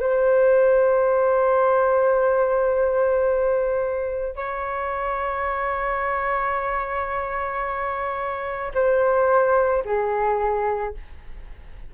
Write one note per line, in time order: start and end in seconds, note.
0.00 4.36 C5
4.36 8.72 C#5
8.74 9.83 C5
9.85 10.94 G#4